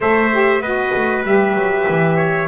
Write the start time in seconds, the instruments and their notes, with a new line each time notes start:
0.00 double bass A3, saxophone A4, trumpet C5 E5
0.32 saxophone G4
0.60 double bass B3, saxophone F#4, trumpet B4 D#5
0.94 double bass A3
1.23 double bass G3, saxophone G4, trumpet E5
1.53 double bass F#3
1.89 double bass E3
2.16 trumpet C#5